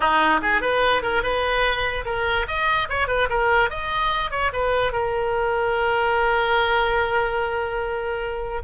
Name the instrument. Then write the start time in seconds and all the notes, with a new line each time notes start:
oboe
0.00 D#4
0.42 G#4
0.61 B4
1.02 A#4
1.22 B4
2.05 A#4
2.47 D#5
2.89 C#5
3.07 B4
3.29 A#4
3.69 D#5
4.31 C#5
4.52 B4
4.92 A#4